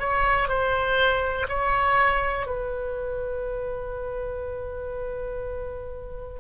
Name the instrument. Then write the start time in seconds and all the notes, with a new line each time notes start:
oboe
0.00 C#5
0.49 C5
1.49 C#5
2.47 B4